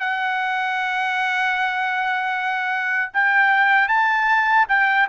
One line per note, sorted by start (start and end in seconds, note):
0.00 3.12 F#5
3.14 3.89 G5
3.89 4.66 A5
4.69 5.08 G5